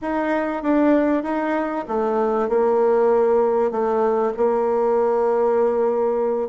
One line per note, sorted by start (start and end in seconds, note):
0.01 0.62 D#4
0.62 1.23 D4
1.23 1.85 D#4
1.88 2.49 A3
2.49 3.71 A#3
3.71 4.32 A3
4.36 6.48 A#3